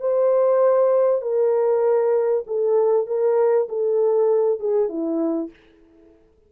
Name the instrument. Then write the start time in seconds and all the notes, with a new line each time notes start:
horn
0.00 C5
1.22 A#4
2.47 A4
3.07 A#4
3.69 A4
4.60 G#4
4.89 E4